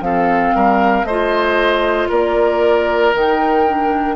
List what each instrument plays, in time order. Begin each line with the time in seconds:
0.00 bassoon F3, clarinet C4, oboe A4, flute F5
0.55 bassoon G3, oboe A#4
1.03 bassoon A3, oboe C5, flute D#5
1.09 clarinet F4
2.08 bassoon A#3, oboe A#4, flute D5
3.13 bassoon D#3, clarinet D#4, flute G5
3.67 clarinet D4